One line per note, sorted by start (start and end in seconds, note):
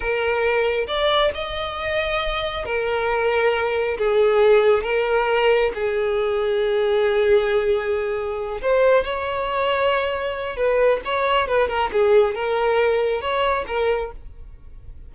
0.00 0.87 A#4
0.87 1.31 D5
1.34 2.65 D#5
2.65 3.97 A#4
3.97 4.83 G#4
4.83 5.71 A#4
5.74 8.61 G#4
8.61 9.04 C5
9.04 10.56 C#5
10.56 11.00 B4
11.04 11.47 C#5
11.47 11.68 B4
11.68 11.90 A#4
11.92 12.34 G#4
12.34 13.21 A#4
13.21 13.65 C#5
13.67 14.11 A#4